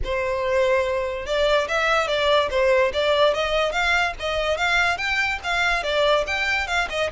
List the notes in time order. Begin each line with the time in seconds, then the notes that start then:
0.04 C5
1.25 D5
1.68 E5
2.07 D5
2.50 C5
2.93 D5
3.34 D#5
3.72 F5
4.19 D#5
4.57 F5
4.97 G5
5.43 F5
5.83 D5
6.27 G5
6.67 F5
6.89 D#5